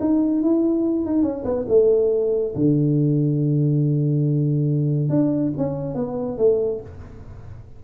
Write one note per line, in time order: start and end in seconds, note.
0.00 0.42 D#4
0.42 1.06 E4
1.06 1.22 D#4
1.22 1.44 C#4
1.44 1.66 B3
1.68 2.54 A3
2.55 5.09 D3
5.09 5.52 D4
5.57 5.95 C#4
5.95 6.37 B3
6.38 6.80 A3